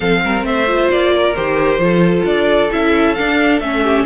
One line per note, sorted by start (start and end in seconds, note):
0.00 0.23 F3
0.00 0.66 C4
0.00 0.21 A4
0.00 0.44 F5
0.23 0.42 G3
0.23 0.46 A#4
0.42 0.88 A3
0.42 1.13 C5
0.42 0.90 E5
0.66 1.34 F4
0.90 1.35 A#3
0.90 1.34 D5
1.13 1.81 A#4
1.34 1.78 D#3
1.34 1.79 G4
1.34 2.24 C5
1.78 2.23 F3
1.78 2.70 F4
1.78 3.82 A4
2.24 2.69 D4
2.24 2.70 D5
2.70 3.18 C#4
2.70 3.16 E4
2.70 3.14 E5
3.14 3.62 D4
3.14 3.59 D4
3.14 3.59 F5
3.59 4.05 A3
3.59 4.06 C#4
3.59 4.05 E5
3.82 4.05 G4